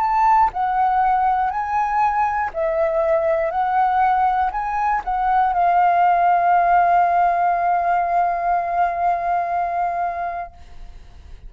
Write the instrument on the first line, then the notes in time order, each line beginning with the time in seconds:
flute
0.00 A5
0.53 F#5
1.50 G#5
2.53 E5
3.50 F#5
4.52 G#5
5.04 F#5
5.53 F5